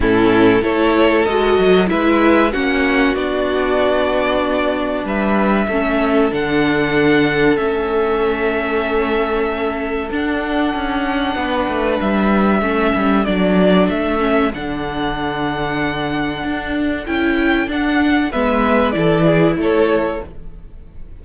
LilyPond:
<<
  \new Staff \with { instrumentName = "violin" } { \time 4/4 \tempo 4 = 95 a'4 cis''4 dis''4 e''4 | fis''4 d''2. | e''2 fis''2 | e''1 |
fis''2. e''4~ | e''4 d''4 e''4 fis''4~ | fis''2. g''4 | fis''4 e''4 d''4 cis''4 | }
  \new Staff \with { instrumentName = "violin" } { \time 4/4 e'4 a'2 b'4 | fis'1 | b'4 a'2.~ | a'1~ |
a'2 b'2 | a'1~ | a'1~ | a'4 b'4 a'8 gis'8 a'4 | }
  \new Staff \with { instrumentName = "viola" } { \time 4/4 cis'4 e'4 fis'4 e'4 | cis'4 d'2.~ | d'4 cis'4 d'2 | cis'1 |
d'1 | cis'4 d'4. cis'8 d'4~ | d'2. e'4 | d'4 b4 e'2 | }
  \new Staff \with { instrumentName = "cello" } { \time 4/4 a,4 a4 gis8 fis8 gis4 | ais4 b2. | g4 a4 d2 | a1 |
d'4 cis'4 b8 a8 g4 | a8 g8 fis4 a4 d4~ | d2 d'4 cis'4 | d'4 gis4 e4 a4 | }
>>